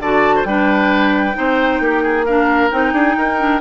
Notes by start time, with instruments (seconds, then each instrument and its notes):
0.00 bassoon D3, clarinet F#4, oboe D5, flute A5
0.36 oboe C5
0.45 bassoon G3, clarinet D4, oboe B4, flute G5
1.34 bassoon C4, clarinet D#4, oboe C5
1.80 bassoon A#3, oboe G4
2.03 oboe G#4
2.25 clarinet D4, oboe A#4, flute F5
2.71 bassoon C4, clarinet D#4, flute G5
2.93 bassoon D4, oboe G#4
3.17 bassoon D#4, oboe A#4
3.38 clarinet D4